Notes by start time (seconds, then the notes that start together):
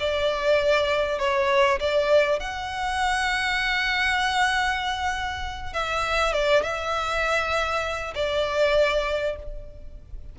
0.00 D5
1.19 C#5
1.80 D5
2.40 F#5
5.74 E5
6.33 D5
6.63 E5
8.15 D5